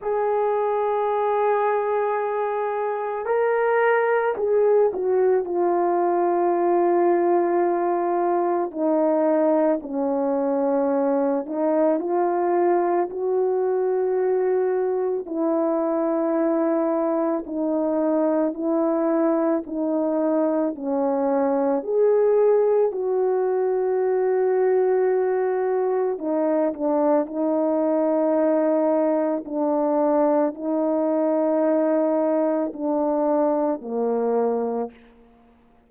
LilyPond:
\new Staff \with { instrumentName = "horn" } { \time 4/4 \tempo 4 = 55 gis'2. ais'4 | gis'8 fis'8 f'2. | dis'4 cis'4. dis'8 f'4 | fis'2 e'2 |
dis'4 e'4 dis'4 cis'4 | gis'4 fis'2. | dis'8 d'8 dis'2 d'4 | dis'2 d'4 ais4 | }